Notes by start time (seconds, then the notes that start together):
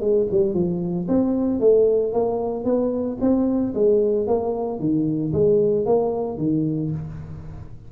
0.00 G#3
0.30 G3
0.54 F3
1.08 C4
1.60 A3
2.13 A#3
2.64 B3
3.20 C4
3.74 G#3
4.27 A#3
4.79 D#3
5.33 G#3
5.85 A#3
6.37 D#3